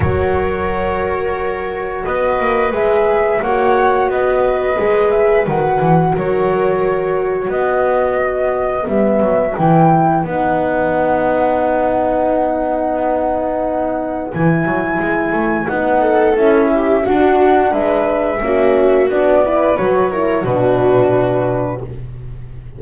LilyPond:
<<
  \new Staff \with { instrumentName = "flute" } { \time 4/4 \tempo 4 = 88 cis''2. dis''4 | e''4 fis''4 dis''4. e''8 | fis''4 cis''2 dis''4~ | dis''4 e''4 g''4 fis''4~ |
fis''1~ | fis''4 gis''2 fis''4 | e''4 fis''4 e''2 | d''4 cis''4 b'2 | }
  \new Staff \with { instrumentName = "viola" } { \time 4/4 ais'2. b'4~ | b'4 cis''4 b'2~ | b'4 ais'2 b'4~ | b'1~ |
b'1~ | b'2.~ b'8 a'8~ | a'8 g'8 fis'4 b'4 fis'4~ | fis'8 b'4 ais'8 fis'2 | }
  \new Staff \with { instrumentName = "horn" } { \time 4/4 fis'1 | gis'4 fis'2 gis'4 | fis'1~ | fis'4 b4 e'4 dis'4~ |
dis'1~ | dis'4 e'2 dis'4 | e'4 d'2 cis'4 | d'8 e'8 fis'8 e'8 d'2 | }
  \new Staff \with { instrumentName = "double bass" } { \time 4/4 fis2. b8 ais8 | gis4 ais4 b4 gis4 | dis8 e8 fis2 b4~ | b4 g8 fis8 e4 b4~ |
b1~ | b4 e8 fis8 gis8 a8 b4 | cis'4 d'4 gis4 ais4 | b4 fis4 b,2 | }
>>